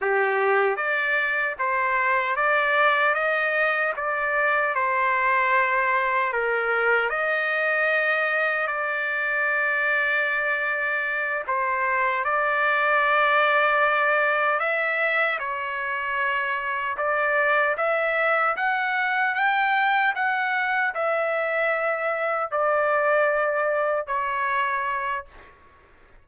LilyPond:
\new Staff \with { instrumentName = "trumpet" } { \time 4/4 \tempo 4 = 76 g'4 d''4 c''4 d''4 | dis''4 d''4 c''2 | ais'4 dis''2 d''4~ | d''2~ d''8 c''4 d''8~ |
d''2~ d''8 e''4 cis''8~ | cis''4. d''4 e''4 fis''8~ | fis''8 g''4 fis''4 e''4.~ | e''8 d''2 cis''4. | }